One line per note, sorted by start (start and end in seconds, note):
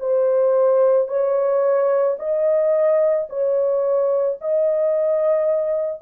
0.00 1.08 C5
1.08 2.17 C#5
2.19 3.28 D#5
3.30 4.39 C#5
4.41 6.02 D#5